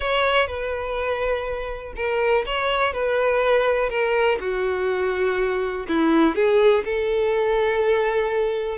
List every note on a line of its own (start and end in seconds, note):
0.00 0.47 C#5
0.47 1.93 B4
1.96 2.44 A#4
2.46 2.93 C#5
2.93 3.89 B4
3.89 4.38 A#4
4.39 5.86 F#4
5.88 6.35 E4
6.35 6.83 G#4
6.84 8.78 A4